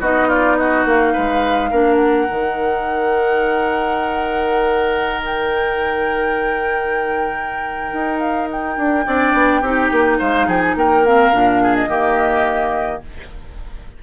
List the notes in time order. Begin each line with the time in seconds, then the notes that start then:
0.00 B3 D#4 F#4 D#5
0.28 F4 D5
0.56 F#4 D#5
0.85 A#3 F5
1.13 G#3 B4
1.70 A#3 D4 A#4
1.95 F#5
2.29 D#3 D#4
5.26 G5
7.93 D#4
8.19 F5
8.50 G5
8.77 D4
9.06 C4 D4 D5
9.33 B3
9.61 C4 D#4 G4
9.91 A#3
10.19 G#3 C5 F5
10.47 F3 G#4 G5
10.61 G#5
10.75 A#3 A#4 G5
11.05 C4 F5
11.32 A#2 D4
11.63 G#4
11.75 D#5
11.87 D#3 A#3 G4